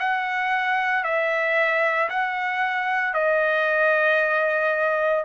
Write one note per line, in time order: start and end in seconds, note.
0.00 1.04 F#5
1.04 2.10 E5
2.10 3.14 F#5
3.14 5.25 D#5